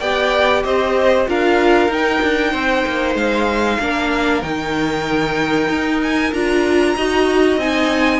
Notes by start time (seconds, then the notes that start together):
0.00 B3 G4 D5 G5
0.64 C4 C5 D#5
1.27 D4 F4 A#4 F5
1.89 D#4 G5
2.23 D4
2.52 C4 C5
2.87 A#3
3.15 G#3 F5
3.79 A#3 D4 A#4
4.42 D#3 D#4 G5
5.69 D#4
6.03 G#5
6.33 D4 F4 A#5
6.96 D#4 F#4 D#5
7.57 C4 D#4 G#5